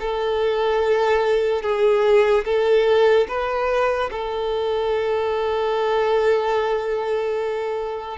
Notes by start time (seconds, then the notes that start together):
0.00 A4
1.63 G#4
2.45 A4
3.28 B4
4.11 A4